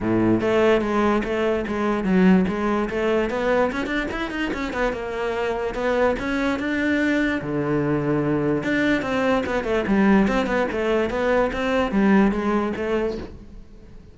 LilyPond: \new Staff \with { instrumentName = "cello" } { \time 4/4 \tempo 4 = 146 a,4 a4 gis4 a4 | gis4 fis4 gis4 a4 | b4 cis'8 d'8 e'8 dis'8 cis'8 b8 | ais2 b4 cis'4 |
d'2 d2~ | d4 d'4 c'4 b8 a8 | g4 c'8 b8 a4 b4 | c'4 g4 gis4 a4 | }